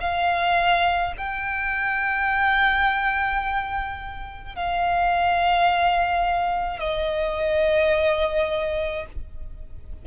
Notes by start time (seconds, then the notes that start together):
0.00 F5
1.17 G5
4.55 F5
6.79 D#5